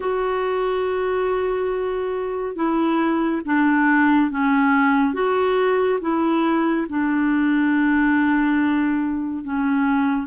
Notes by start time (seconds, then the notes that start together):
0.00 F#4
2.55 E4
3.45 D4
4.31 C#4
5.14 F#4
6.00 E4
6.89 D4
9.44 C#4